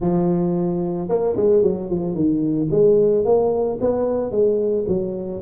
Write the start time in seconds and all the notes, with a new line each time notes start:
0.00 F3
1.08 A#3
1.36 G#3
1.62 F#3
1.90 F3
2.14 D#3
2.71 G#3
3.25 A#3
3.81 B3
4.31 G#3
4.87 F#3